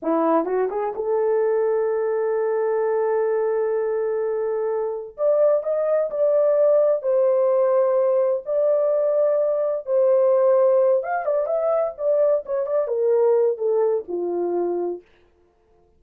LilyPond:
\new Staff \with { instrumentName = "horn" } { \time 4/4 \tempo 4 = 128 e'4 fis'8 gis'8 a'2~ | a'1~ | a'2. d''4 | dis''4 d''2 c''4~ |
c''2 d''2~ | d''4 c''2~ c''8 f''8 | d''8 e''4 d''4 cis''8 d''8 ais'8~ | ais'4 a'4 f'2 | }